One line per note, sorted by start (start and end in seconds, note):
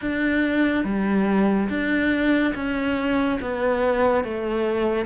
0.01 0.84 D4
0.84 1.69 G3
1.69 2.54 D4
2.54 3.39 C#4
3.41 4.24 B3
4.24 5.05 A3